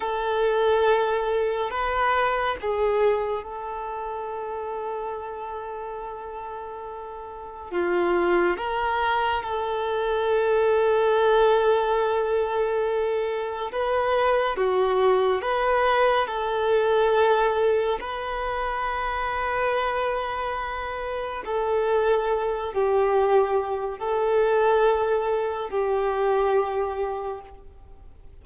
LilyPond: \new Staff \with { instrumentName = "violin" } { \time 4/4 \tempo 4 = 70 a'2 b'4 gis'4 | a'1~ | a'4 f'4 ais'4 a'4~ | a'1 |
b'4 fis'4 b'4 a'4~ | a'4 b'2.~ | b'4 a'4. g'4. | a'2 g'2 | }